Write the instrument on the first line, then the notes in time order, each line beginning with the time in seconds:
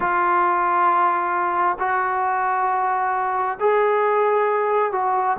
trombone
0.00 F4
1.79 F#4
3.60 G#4
4.92 F#4